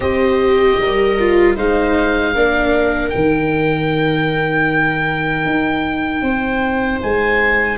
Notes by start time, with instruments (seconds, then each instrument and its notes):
0.00 tuba C4, viola G4 C5, oboe D#5
0.78 tuba G3, viola A#4
1.19 viola F4
1.55 tuba G#3, viola D#4 C5, oboe F5
2.33 tuba A#3, viola D4 A#4
3.09 tuba D#3, viola D#4, oboe G5
5.45 tuba D#4
6.21 tuba C4, viola C5
7.03 tuba G#3, oboe G#5